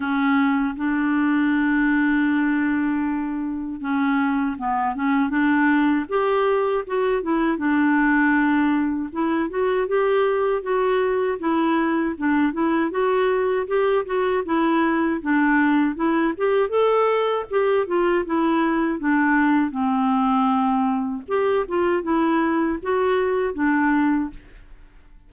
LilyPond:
\new Staff \with { instrumentName = "clarinet" } { \time 4/4 \tempo 4 = 79 cis'4 d'2.~ | d'4 cis'4 b8 cis'8 d'4 | g'4 fis'8 e'8 d'2 | e'8 fis'8 g'4 fis'4 e'4 |
d'8 e'8 fis'4 g'8 fis'8 e'4 | d'4 e'8 g'8 a'4 g'8 f'8 | e'4 d'4 c'2 | g'8 f'8 e'4 fis'4 d'4 | }